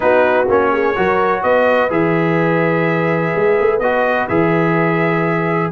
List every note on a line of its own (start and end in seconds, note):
0.00 0.47 B3
0.00 0.46 D#4
0.00 0.72 F#4
0.00 0.48 B4
0.47 0.95 A#3
0.47 0.95 C#4
0.47 1.42 C#5
0.72 0.96 G#4
0.95 1.43 F#3
0.95 1.89 F#4
0.95 1.43 A#4
1.42 1.90 B3
1.42 5.71 B4
1.42 1.90 D#5
1.89 3.33 E3
1.89 3.80 G#4
1.89 3.79 E5
3.35 3.59 G#3
3.60 3.79 A3
3.79 4.27 B3
3.79 4.29 F#4
3.79 4.27 D#5
4.28 5.71 E3
4.28 5.71 G#4
4.28 5.71 E5